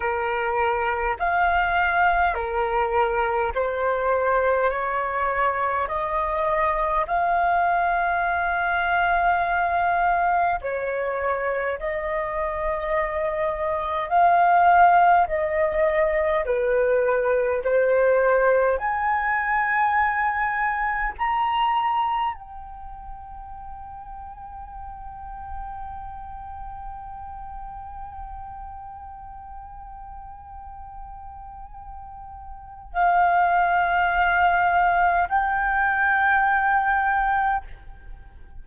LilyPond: \new Staff \with { instrumentName = "flute" } { \time 4/4 \tempo 4 = 51 ais'4 f''4 ais'4 c''4 | cis''4 dis''4 f''2~ | f''4 cis''4 dis''2 | f''4 dis''4 b'4 c''4 |
gis''2 ais''4 g''4~ | g''1~ | g''1 | f''2 g''2 | }